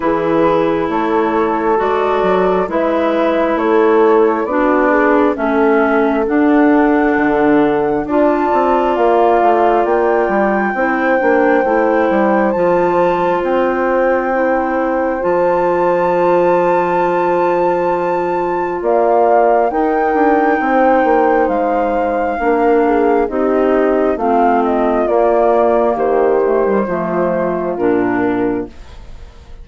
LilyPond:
<<
  \new Staff \with { instrumentName = "flute" } { \time 4/4 \tempo 4 = 67 b'4 cis''4 d''4 e''4 | cis''4 d''4 e''4 fis''4~ | fis''4 a''4 f''4 g''4~ | g''2 a''4 g''4~ |
g''4 a''2.~ | a''4 f''4 g''2 | f''2 dis''4 f''8 dis''8 | d''4 c''2 ais'4 | }
  \new Staff \with { instrumentName = "horn" } { \time 4/4 gis'4 a'2 b'4 | a'4 fis'8 gis'8 a'2~ | a'4 d''2. | c''1~ |
c''1~ | c''4 d''4 ais'4 c''4~ | c''4 ais'8 gis'8 g'4 f'4~ | f'4 g'4 f'2 | }
  \new Staff \with { instrumentName = "clarinet" } { \time 4/4 e'2 fis'4 e'4~ | e'4 d'4 cis'4 d'4~ | d'4 f'2. | e'8 d'8 e'4 f'2 |
e'4 f'2.~ | f'2 dis'2~ | dis'4 d'4 dis'4 c'4 | ais4. a16 g16 a4 d'4 | }
  \new Staff \with { instrumentName = "bassoon" } { \time 4/4 e4 a4 gis8 fis8 gis4 | a4 b4 a4 d'4 | d4 d'8 c'8 ais8 a8 ais8 g8 | c'8 ais8 a8 g8 f4 c'4~ |
c'4 f2.~ | f4 ais4 dis'8 d'8 c'8 ais8 | gis4 ais4 c'4 a4 | ais4 dis4 f4 ais,4 | }
>>